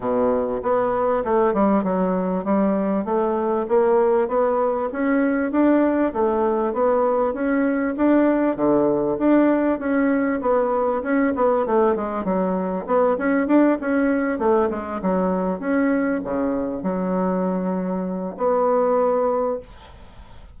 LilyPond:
\new Staff \with { instrumentName = "bassoon" } { \time 4/4 \tempo 4 = 98 b,4 b4 a8 g8 fis4 | g4 a4 ais4 b4 | cis'4 d'4 a4 b4 | cis'4 d'4 d4 d'4 |
cis'4 b4 cis'8 b8 a8 gis8 | fis4 b8 cis'8 d'8 cis'4 a8 | gis8 fis4 cis'4 cis4 fis8~ | fis2 b2 | }